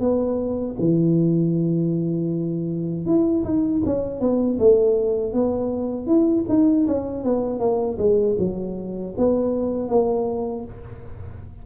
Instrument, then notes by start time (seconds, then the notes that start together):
tuba
0.00 B3
0.79 E3
3.06 E4
3.44 D#4
3.85 C#4
4.20 B3
4.59 A3
5.33 B3
6.06 E4
6.49 D#4
6.87 C#4
7.24 B3
7.59 A#3
7.98 G#3
8.39 F#3
9.18 B3
9.88 A#3